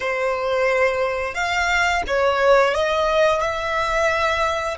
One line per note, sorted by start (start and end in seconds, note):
0.00 1.34 C5
1.34 2.02 F5
2.07 2.74 C#5
2.74 3.41 D#5
3.41 4.77 E5